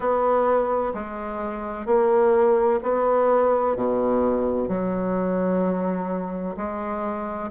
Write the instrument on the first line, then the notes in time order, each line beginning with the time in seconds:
bassoon
0.00 B3
0.94 G#3
1.86 A#3
2.82 B3
3.75 B2
4.68 F#3
6.56 G#3